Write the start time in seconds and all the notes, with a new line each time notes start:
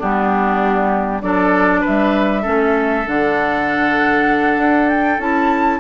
0.00 G3 B3 D4 G4
1.22 F#3 D4 A4 D5
1.82 B4 E5
1.89 G3
2.43 A3 C#4 A4
3.07 D3 D4 F#5
4.58 D4
4.90 G5
5.19 C#4 E4 A5